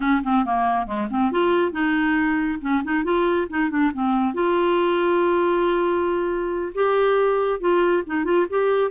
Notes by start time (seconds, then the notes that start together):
0.00 C#4
0.23 C4
0.45 A#3
0.86 G#3
1.10 C4
1.31 F4
1.72 D#4
2.61 C#4
2.84 D#4
3.04 F4
3.49 D#4
3.70 D4
3.93 C4
4.33 F4
6.74 G4
7.59 F4
8.06 D#4
8.24 F4
8.49 G4